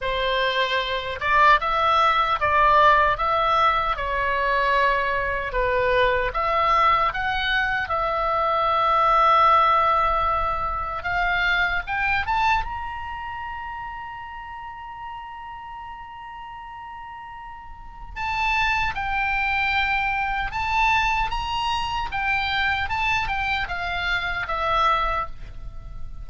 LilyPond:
\new Staff \with { instrumentName = "oboe" } { \time 4/4 \tempo 4 = 76 c''4. d''8 e''4 d''4 | e''4 cis''2 b'4 | e''4 fis''4 e''2~ | e''2 f''4 g''8 a''8 |
ais''1~ | ais''2. a''4 | g''2 a''4 ais''4 | g''4 a''8 g''8 f''4 e''4 | }